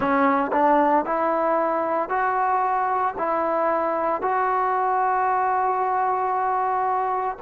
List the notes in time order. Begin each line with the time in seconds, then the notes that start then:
0.00 C#4
0.52 D4
1.05 E4
2.09 F#4
3.18 E4
4.21 F#4